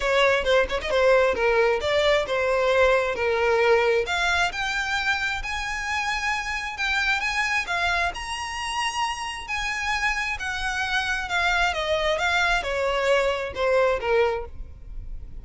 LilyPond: \new Staff \with { instrumentName = "violin" } { \time 4/4 \tempo 4 = 133 cis''4 c''8 cis''16 dis''16 c''4 ais'4 | d''4 c''2 ais'4~ | ais'4 f''4 g''2 | gis''2. g''4 |
gis''4 f''4 ais''2~ | ais''4 gis''2 fis''4~ | fis''4 f''4 dis''4 f''4 | cis''2 c''4 ais'4 | }